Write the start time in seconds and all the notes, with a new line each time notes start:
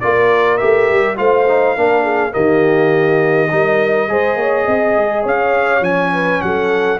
0.00 A#3 F4 A#4 D5
0.57 A3 G4 E5
0.90 G3
1.16 A3 F4 C5 F5
1.48 D#4
1.76 A#3 D4 A#4
2.03 G#4
2.31 D#3 A#3 G4 D#5
3.50 G3 D#4 A#4
4.08 G#3 G#4 C5
4.36 A#3 C#5
4.66 C4 D#5
4.96 G#3
5.23 C#4 C#5 F5
5.80 F3 C#4 G#5
6.13 B4
6.41 F#3 A4 F#5